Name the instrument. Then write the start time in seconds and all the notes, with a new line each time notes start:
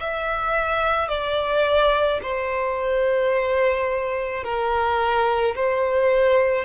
violin
0.00 E5
1.09 D5
2.23 C5
4.44 A#4
5.56 C5